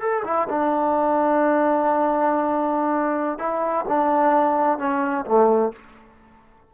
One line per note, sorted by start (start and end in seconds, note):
0.00 0.23 A4
0.24 0.48 E4
0.49 3.39 D4
3.39 3.85 E4
3.88 4.78 D4
4.78 5.25 C#4
5.25 5.72 A3